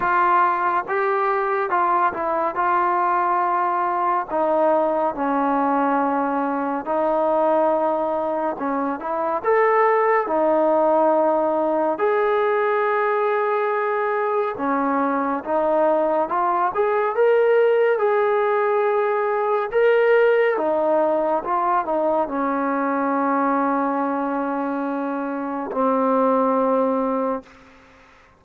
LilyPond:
\new Staff \with { instrumentName = "trombone" } { \time 4/4 \tempo 4 = 70 f'4 g'4 f'8 e'8 f'4~ | f'4 dis'4 cis'2 | dis'2 cis'8 e'8 a'4 | dis'2 gis'2~ |
gis'4 cis'4 dis'4 f'8 gis'8 | ais'4 gis'2 ais'4 | dis'4 f'8 dis'8 cis'2~ | cis'2 c'2 | }